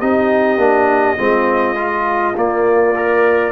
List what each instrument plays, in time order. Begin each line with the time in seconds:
0.00 tuba C4, trombone D#4, horn G4, trumpet D#5
0.57 tuba A#3, trombone D4
1.17 tuba G#3, trombone C4, horn F4
1.76 trombone F4
2.36 tuba A#3, trombone A#3, trumpet D5
2.96 trombone A#4